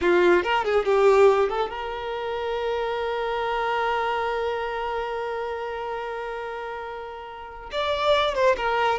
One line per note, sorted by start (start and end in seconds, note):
0.01 0.43 F4
0.43 0.64 A#4
0.64 0.85 G#4
0.85 1.49 G4
1.49 1.70 A4
1.70 7.70 A#4
7.71 8.34 D5
8.34 8.56 C5
8.57 8.98 A#4